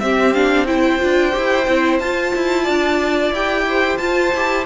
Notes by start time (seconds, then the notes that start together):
0.00 C4 G4 E5
0.33 D4 F5
0.66 E4 C5 G5
0.99 D4 F4
1.32 E4 G4
1.68 C4 E4
1.99 F4 A5
2.35 E4
2.63 D4 D5
3.32 E4 G4 G5
3.69 C5
3.98 F4 A5
4.34 E4 G4